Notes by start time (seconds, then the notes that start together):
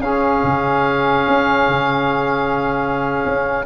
0.00 C#4 G#4 F5
0.43 C#3
1.28 C#4
1.68 C#3
3.26 C#4